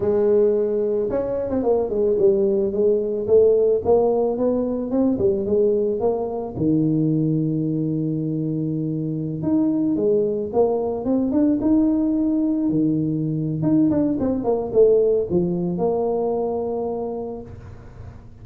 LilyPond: \new Staff \with { instrumentName = "tuba" } { \time 4/4 \tempo 4 = 110 gis2 cis'8. c'16 ais8 gis8 | g4 gis4 a4 ais4 | b4 c'8 g8 gis4 ais4 | dis1~ |
dis4~ dis16 dis'4 gis4 ais8.~ | ais16 c'8 d'8 dis'2 dis8.~ | dis4 dis'8 d'8 c'8 ais8 a4 | f4 ais2. | }